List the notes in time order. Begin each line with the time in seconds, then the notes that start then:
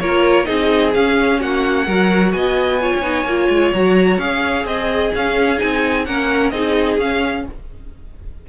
0.00 A#3 F4 A#4 C#5
0.45 C4 D#4 G#4 D#5
0.94 C#4 F5
1.40 A#3 F#4 F#5
1.86 F#3 F#4 A#4
2.32 B3 D#5 G#5
2.81 F4 C#5
2.96 C#4
3.02 B3 D#4
3.25 A#3 F4
3.49 G#3
3.73 F#3 F#4 A#5
4.18 C#4 G#4 F5
4.65 C4 G#4 D#5
5.15 C#4 F5
5.57 C4 D#4 G#5
6.06 A#3 C#4 A#4 F#5
6.50 C4 D#4 G#4 D#5
6.98 C#4 F5